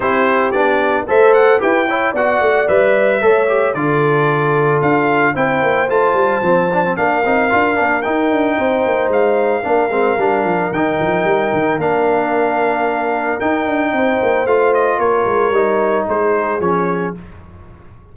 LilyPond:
<<
  \new Staff \with { instrumentName = "trumpet" } { \time 4/4 \tempo 4 = 112 c''4 d''4 e''8 fis''8 g''4 | fis''4 e''2 d''4~ | d''4 f''4 g''4 a''4~ | a''4 f''2 g''4~ |
g''4 f''2. | g''2 f''2~ | f''4 g''2 f''8 dis''8 | cis''2 c''4 cis''4 | }
  \new Staff \with { instrumentName = "horn" } { \time 4/4 g'2 c''4 b'8 cis''8 | d''2 cis''4 a'4~ | a'2 c''2~ | c''4 ais'2. |
c''2 ais'2~ | ais'1~ | ais'2 c''2 | ais'2 gis'2 | }
  \new Staff \with { instrumentName = "trombone" } { \time 4/4 e'4 d'4 a'4 g'8 e'8 | fis'4 b'4 a'8 g'8 f'4~ | f'2 e'4 f'4 | c'8 d'16 c'16 d'8 dis'8 f'8 d'8 dis'4~ |
dis'2 d'8 c'8 d'4 | dis'2 d'2~ | d'4 dis'2 f'4~ | f'4 dis'2 cis'4 | }
  \new Staff \with { instrumentName = "tuba" } { \time 4/4 c'4 b4 a4 e'4 | b8 a8 g4 a4 d4~ | d4 d'4 c'8 ais8 a8 g8 | f4 ais8 c'8 d'8 ais8 dis'8 d'8 |
c'8 ais8 gis4 ais8 gis8 g8 f8 | dis8 f8 g8 dis8 ais2~ | ais4 dis'8 d'8 c'8 ais8 a4 | ais8 gis8 g4 gis4 f4 | }
>>